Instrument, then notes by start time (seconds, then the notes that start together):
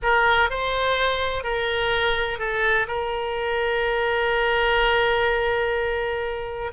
oboe
0.02 A#4
0.50 C5
1.43 A#4
2.38 A4
2.87 A#4